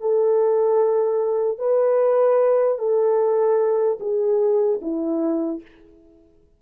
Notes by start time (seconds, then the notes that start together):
0.00 A4
1.58 B4
2.78 A4
4.00 G#4
4.81 E4